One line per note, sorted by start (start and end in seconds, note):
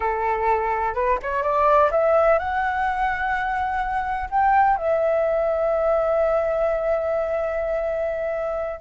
0.00 0.94 A4
0.94 1.18 B4
1.22 1.43 C#5
1.43 1.90 D5
1.91 2.38 E5
2.38 4.29 F#5
4.30 4.76 G5
4.76 8.80 E5